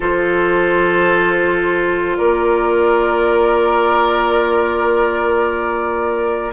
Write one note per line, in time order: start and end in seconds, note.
0.00 2.18 F3
0.00 6.52 F4
0.00 2.17 A4
0.00 2.17 C5
2.17 6.52 A#3
2.17 6.52 A#4
2.17 6.52 D5